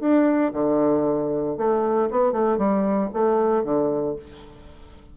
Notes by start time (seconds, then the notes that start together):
0.00 D4
0.53 D3
1.57 A3
2.11 B3
2.32 A3
2.58 G3
3.13 A3
3.64 D3